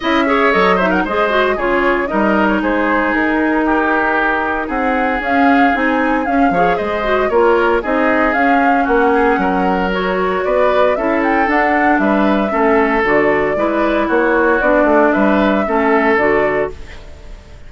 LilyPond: <<
  \new Staff \with { instrumentName = "flute" } { \time 4/4 \tempo 4 = 115 e''4 dis''8 e''16 fis''16 dis''4 cis''4 | dis''8. cis''16 c''4 ais'2~ | ais'4 fis''4 f''4 gis''4 | f''4 dis''4 cis''4 dis''4 |
f''4 fis''2 cis''4 | d''4 e''8 g''8 fis''4 e''4~ | e''4 d''2 cis''4 | d''4 e''2 d''4 | }
  \new Staff \with { instrumentName = "oboe" } { \time 4/4 dis''8 cis''4 c''16 ais'16 c''4 gis'4 | ais'4 gis'2 g'4~ | g'4 gis'2.~ | gis'8 cis''8 c''4 ais'4 gis'4~ |
gis'4 fis'8 gis'8 ais'2 | b'4 a'2 b'4 | a'2 b'4 fis'4~ | fis'4 b'4 a'2 | }
  \new Staff \with { instrumentName = "clarinet" } { \time 4/4 e'8 gis'8 a'8 dis'8 gis'8 fis'8 f'4 | dis'1~ | dis'2 cis'4 dis'4 | cis'8 gis'4 fis'8 f'4 dis'4 |
cis'2. fis'4~ | fis'4 e'4 d'2 | cis'4 fis'4 e'2 | d'2 cis'4 fis'4 | }
  \new Staff \with { instrumentName = "bassoon" } { \time 4/4 cis'4 fis4 gis4 cis4 | g4 gis4 dis'2~ | dis'4 c'4 cis'4 c'4 | cis'8 f8 gis4 ais4 c'4 |
cis'4 ais4 fis2 | b4 cis'4 d'4 g4 | a4 d4 gis4 ais4 | b8 a8 g4 a4 d4 | }
>>